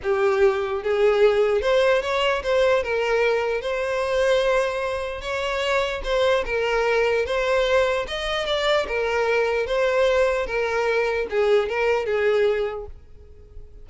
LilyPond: \new Staff \with { instrumentName = "violin" } { \time 4/4 \tempo 4 = 149 g'2 gis'2 | c''4 cis''4 c''4 ais'4~ | ais'4 c''2.~ | c''4 cis''2 c''4 |
ais'2 c''2 | dis''4 d''4 ais'2 | c''2 ais'2 | gis'4 ais'4 gis'2 | }